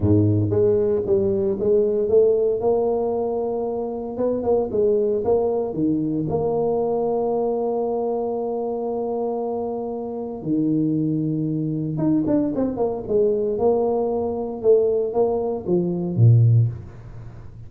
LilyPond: \new Staff \with { instrumentName = "tuba" } { \time 4/4 \tempo 4 = 115 gis,4 gis4 g4 gis4 | a4 ais2. | b8 ais8 gis4 ais4 dis4 | ais1~ |
ais1 | dis2. dis'8 d'8 | c'8 ais8 gis4 ais2 | a4 ais4 f4 ais,4 | }